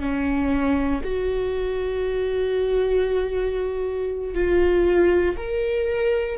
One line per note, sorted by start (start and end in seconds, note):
0.00 1.02 C#4
1.04 4.35 F#4
4.35 5.36 F4
5.37 6.38 A#4